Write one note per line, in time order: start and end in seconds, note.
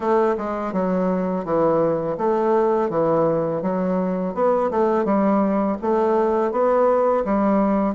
0.00 0.35 A3
0.37 0.73 G#3
0.73 1.44 F#3
1.44 2.17 E3
2.17 2.89 A3
2.89 3.61 E3
3.62 4.34 F#3
4.34 4.70 B3
4.71 5.04 A3
5.04 5.77 G3
5.81 6.51 A3
6.51 7.24 B3
7.24 7.95 G3